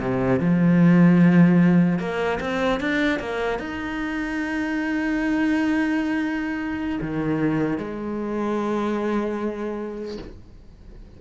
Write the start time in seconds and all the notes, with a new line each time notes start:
0.00 C3
0.40 F3
1.99 A#3
2.40 C4
2.81 D4
3.20 A#3
3.59 D#4
7.01 D#3
7.78 G#3